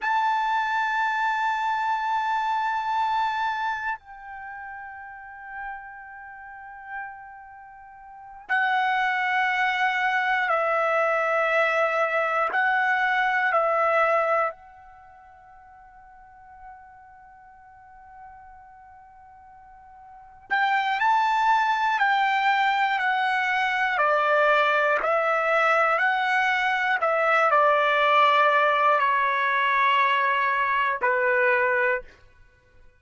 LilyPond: \new Staff \with { instrumentName = "trumpet" } { \time 4/4 \tempo 4 = 60 a''1 | g''1~ | g''8 fis''2 e''4.~ | e''8 fis''4 e''4 fis''4.~ |
fis''1~ | fis''8 g''8 a''4 g''4 fis''4 | d''4 e''4 fis''4 e''8 d''8~ | d''4 cis''2 b'4 | }